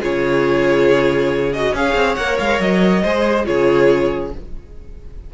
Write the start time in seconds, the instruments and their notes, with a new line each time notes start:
0.00 cello C#3, viola F4, violin G#4 C#5
1.53 viola F#4, violin D#5
1.73 cello C#4, viola G#4, violin C#5 F5
1.95 cello C4
2.15 cello A#3, viola A#4, violin F#5
2.39 cello G#3, violin F5
2.59 cello F#3, violin D#5
3.03 cello G#3, viola G#4, violin C5
3.44 cello C#3, viola F4, violin G#4 C#5